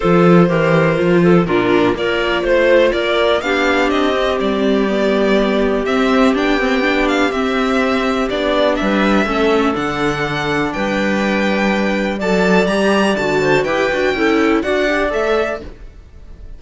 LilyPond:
<<
  \new Staff \with { instrumentName = "violin" } { \time 4/4 \tempo 4 = 123 c''2. ais'4 | d''4 c''4 d''4 f''4 | dis''4 d''2. | e''4 g''4. f''8 e''4~ |
e''4 d''4 e''2 | fis''2 g''2~ | g''4 a''4 ais''4 a''4 | g''2 fis''4 e''4 | }
  \new Staff \with { instrumentName = "clarinet" } { \time 4/4 a'4 ais'4. a'8 f'4 | ais'4 c''4 ais'4 g'4~ | g'1~ | g'1~ |
g'2 b'4 a'4~ | a'2 b'2~ | b'4 d''2~ d''8 c''8 | b'4 a'4 d''2 | }
  \new Staff \with { instrumentName = "viola" } { \time 4/4 f'4 g'4 f'4 d'4 | f'2. d'4~ | d'8 c'4. b2 | c'4 d'8 c'8 d'4 c'4~ |
c'4 d'2 cis'4 | d'1~ | d'4 a'4 g'4 fis'4 | g'8 fis'8 e'4 fis'8 g'8 a'4 | }
  \new Staff \with { instrumentName = "cello" } { \time 4/4 f4 e4 f4 ais,4 | ais4 a4 ais4 b4 | c'4 g2. | c'4 b2 c'4~ |
c'4 b4 g4 a4 | d2 g2~ | g4 fis4 g4 d4 | e'8 d'8 cis'4 d'4 a4 | }
>>